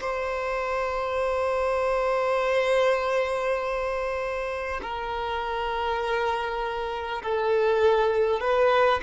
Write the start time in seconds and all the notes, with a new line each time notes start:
0.00 C5
4.82 A#4
7.22 A4
8.40 B4